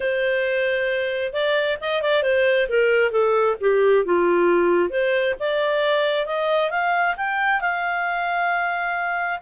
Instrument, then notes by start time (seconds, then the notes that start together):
clarinet
0.00 C5
1.32 D5
1.81 D#5
2.01 D5
2.22 C5
2.69 A#4
3.11 A4
3.60 G4
4.05 F4
4.89 C5
5.39 D5
6.26 D#5
6.70 F5
7.16 G5
7.60 F5